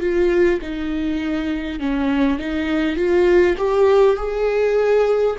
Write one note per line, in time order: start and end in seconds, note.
0.00 0.60 F4
0.62 1.79 D#4
1.79 2.39 C#4
2.39 2.96 D#4
2.96 3.56 F4
3.57 4.16 G4
4.16 5.36 G#4